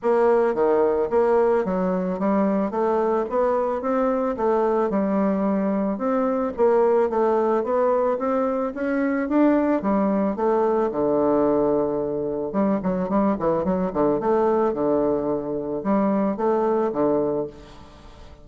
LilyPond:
\new Staff \with { instrumentName = "bassoon" } { \time 4/4 \tempo 4 = 110 ais4 dis4 ais4 fis4 | g4 a4 b4 c'4 | a4 g2 c'4 | ais4 a4 b4 c'4 |
cis'4 d'4 g4 a4 | d2. g8 fis8 | g8 e8 fis8 d8 a4 d4~ | d4 g4 a4 d4 | }